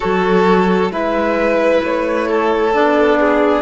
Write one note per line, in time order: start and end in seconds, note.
0.00 0.89 F#3
0.00 0.91 F#4
0.00 0.91 A4
0.00 0.90 C#5
0.89 1.80 G#3
0.89 2.73 E4
0.89 2.27 B4
0.89 1.83 E5
1.83 2.74 A3
1.83 2.73 C#5
2.27 3.18 A4
2.73 3.61 B3
2.73 3.61 D4
2.73 3.61 D5
3.19 3.61 G#4